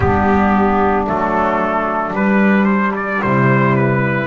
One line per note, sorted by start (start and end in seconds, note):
0.00 1.07 G3
0.00 1.06 B3
0.00 3.24 D4
0.00 1.06 G4
1.06 2.13 F#3
1.06 2.13 A3
1.06 2.15 A4
2.13 3.20 G3
2.13 4.26 G3
2.13 2.65 B4
2.65 2.91 C5
2.96 3.22 D5
3.22 4.26 C3
3.22 4.26 E4
3.22 3.75 C5
3.76 4.26 B4